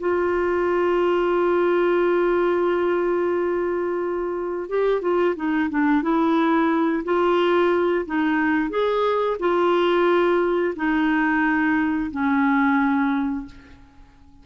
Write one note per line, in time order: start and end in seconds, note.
0.00 4.69 F4
4.69 5.02 G4
5.02 5.35 F4
5.36 5.70 D#4
5.70 6.02 D4
6.02 7.04 E4
7.04 8.06 F4
8.06 8.70 D#4
8.70 9.37 G#4
9.40 10.75 F4
10.76 12.11 D#4
12.11 13.46 C#4